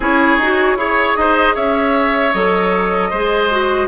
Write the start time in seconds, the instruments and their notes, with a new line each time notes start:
0.00 bassoon C#4, clarinet E4, oboe G#4, flute C#5
0.38 bassoon D#4, clarinet F#4
0.76 bassoon E4, clarinet G#4, oboe C#5
1.15 bassoon D#4, oboe C5, flute D#5
1.54 bassoon C#4, oboe C#5, flute E5
2.33 bassoon F#3, clarinet A4, flute D#5
3.10 bassoon G#3, clarinet G#4, oboe C5
3.50 clarinet F#4